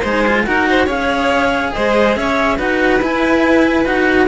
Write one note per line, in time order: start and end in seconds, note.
0.00 0.46 G#3
0.00 0.25 D#4
0.00 0.43 C5
0.00 0.44 G#5
0.26 0.46 F4
0.44 0.86 D#4
0.44 0.87 F#4
0.44 0.68 A#4
0.44 0.87 F#5
0.69 0.85 C5
0.85 1.71 C#4
0.85 2.57 G#4
0.85 1.70 C#5
0.85 1.73 F5
1.73 2.16 G#3
1.73 2.17 C5
1.73 2.15 D#5
2.15 2.58 C#4
2.15 2.56 C#5
2.15 2.58 E5
2.56 3.01 D#4
2.56 3.00 F#4
2.56 4.27 B4
2.56 3.02 F#5
3.01 3.85 E4
3.01 3.86 G#5
3.85 4.28 D#4
3.85 4.27 F#4
3.85 4.28 F#5